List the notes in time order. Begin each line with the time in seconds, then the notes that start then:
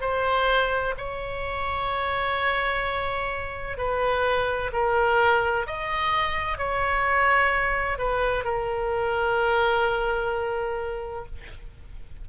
0.00 C5
0.97 C#5
3.77 B4
4.72 A#4
5.66 D#5
6.58 C#5
7.98 B4
8.44 A#4